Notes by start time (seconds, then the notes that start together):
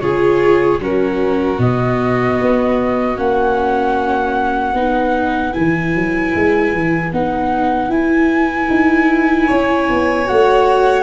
0.00 C#3 F4 G#4 C#5
0.79 F#3 C#4 F#4 A#4
1.58 B2 B3 D#5
2.41 B3
3.16 A#3 C#4 F#5
4.74 B3 D#4 B4
5.53 E3 E4 G#5
5.95 F#3
6.35 G#3
6.73 E3
7.12 B3 D#4 F#5
7.89 E4 G#5
8.70 D#4
9.47 C#4 C#5
9.90 B3
10.25 A3 F#4 F#5